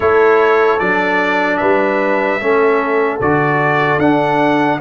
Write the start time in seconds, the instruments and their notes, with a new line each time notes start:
0.00 tuba A3, trombone E4, horn A4, trumpet C#5
0.79 tuba F#3, trombone D4, trumpet D5
1.57 tuba G3, horn B4, trumpet E5
2.40 tuba A3, trombone C#4, horn A4
3.21 tuba D3, trombone F#4, trumpet D5
3.98 tuba D4, trombone D4, trumpet F#5